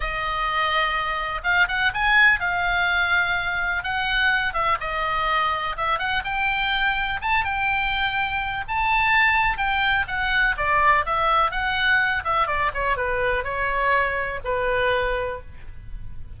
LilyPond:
\new Staff \with { instrumentName = "oboe" } { \time 4/4 \tempo 4 = 125 dis''2. f''8 fis''8 | gis''4 f''2. | fis''4. e''8 dis''2 | e''8 fis''8 g''2 a''8 g''8~ |
g''2 a''2 | g''4 fis''4 d''4 e''4 | fis''4. e''8 d''8 cis''8 b'4 | cis''2 b'2 | }